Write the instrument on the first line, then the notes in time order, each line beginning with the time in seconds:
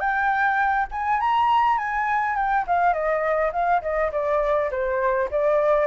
flute
0.00 G5
0.91 G#5
1.20 A#5
1.78 G#5
2.36 G5
2.67 F5
2.93 D#5
3.52 F5
3.82 D#5
4.12 D5
4.71 C5
5.31 D5